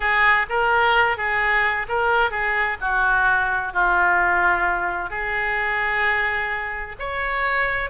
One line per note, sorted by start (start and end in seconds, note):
0.00 0.46 G#4
0.49 1.17 A#4
1.17 1.86 G#4
1.88 2.30 A#4
2.30 2.77 G#4
2.80 3.73 F#4
3.73 5.10 F4
5.10 6.96 G#4
6.99 7.90 C#5